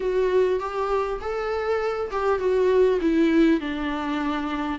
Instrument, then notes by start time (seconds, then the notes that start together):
viola
0.00 F#4
0.59 G4
1.21 A4
2.11 G4
2.39 F#4
3.01 E4
3.60 D4